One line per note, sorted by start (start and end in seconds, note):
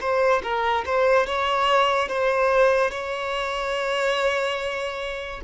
0.00 0.42 C5
0.42 0.84 A#4
0.85 1.26 C5
1.26 2.08 C#5
2.08 2.90 C5
2.90 5.40 C#5